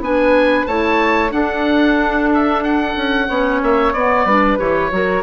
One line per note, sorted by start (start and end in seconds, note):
0.00 0.65 B3
0.00 0.69 D4
0.00 0.68 B4
0.00 0.66 G#5
0.66 1.32 A3
0.66 1.29 E4
0.66 1.33 C#5
0.66 1.31 A5
1.29 3.25 D4
1.29 2.95 D4
1.29 3.29 A4
1.29 2.30 F#5
2.34 2.64 E5
2.64 3.61 F#5
2.96 3.28 C#4
3.29 3.62 B3
3.29 3.95 C#4
3.29 4.26 C#5
3.63 3.93 A#3
3.63 3.93 E5
3.93 4.25 B3
3.93 4.29 B3
3.93 4.58 D5
4.25 4.58 G3
4.25 4.58 D4
4.25 4.91 B4
4.58 4.91 E3
4.58 4.91 G4
4.58 5.23 C#5
4.91 5.23 F#3
4.91 5.23 F#4
4.91 5.23 A#4